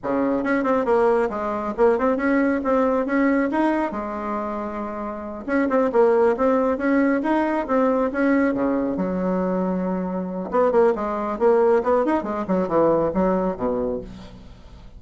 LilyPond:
\new Staff \with { instrumentName = "bassoon" } { \time 4/4 \tempo 4 = 137 cis4 cis'8 c'8 ais4 gis4 | ais8 c'8 cis'4 c'4 cis'4 | dis'4 gis2.~ | gis8 cis'8 c'8 ais4 c'4 cis'8~ |
cis'8 dis'4 c'4 cis'4 cis8~ | cis8 fis2.~ fis8 | b8 ais8 gis4 ais4 b8 dis'8 | gis8 fis8 e4 fis4 b,4 | }